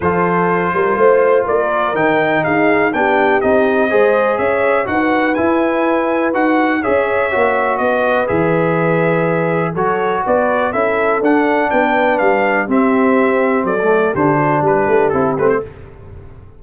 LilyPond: <<
  \new Staff \with { instrumentName = "trumpet" } { \time 4/4 \tempo 4 = 123 c''2. d''4 | g''4 f''4 g''4 dis''4~ | dis''4 e''4 fis''4 gis''4~ | gis''4 fis''4 e''2 |
dis''4 e''2. | cis''4 d''4 e''4 fis''4 | g''4 f''4 e''2 | d''4 c''4 b'4 a'8 b'16 c''16 | }
  \new Staff \with { instrumentName = "horn" } { \time 4/4 a'4. ais'8 c''4 ais'4~ | ais'4 gis'4 g'2 | c''4 cis''4 b'2~ | b'2 cis''2 |
b'1 | a'4 b'4 a'2 | b'2 g'2 | a'4 g'8 fis'8 g'2 | }
  \new Staff \with { instrumentName = "trombone" } { \time 4/4 f'1 | dis'2 d'4 dis'4 | gis'2 fis'4 e'4~ | e'4 fis'4 gis'4 fis'4~ |
fis'4 gis'2. | fis'2 e'4 d'4~ | d'2 c'2~ | c'16 a8. d'2 e'8 c'8 | }
  \new Staff \with { instrumentName = "tuba" } { \time 4/4 f4. g8 a4 ais4 | dis4 dis'4 b4 c'4 | gis4 cis'4 dis'4 e'4~ | e'4 dis'4 cis'4 ais4 |
b4 e2. | fis4 b4 cis'4 d'4 | b4 g4 c'2 | fis4 d4 g8 a8 c'8 a8 | }
>>